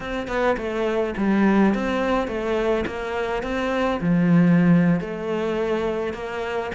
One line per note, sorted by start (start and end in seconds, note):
0.00 0.27 C4
0.27 0.56 B3
0.57 1.14 A3
1.17 1.74 G3
1.74 2.27 C4
2.27 2.84 A3
2.86 3.42 A#3
3.42 3.99 C4
4.01 5.00 F3
5.00 6.13 A3
6.13 6.70 A#3